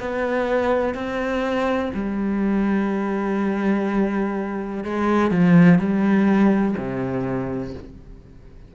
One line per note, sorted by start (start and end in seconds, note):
0.00 0.95 B3
0.95 1.91 C4
1.94 4.84 G3
4.84 5.31 G#3
5.31 5.79 F3
5.79 6.76 G3
6.77 7.74 C3